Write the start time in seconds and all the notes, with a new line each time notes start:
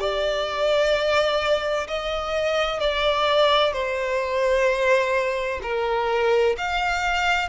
0.00 D5
1.87 D#5
2.80 D5
3.73 C5
5.62 A#4
6.58 F5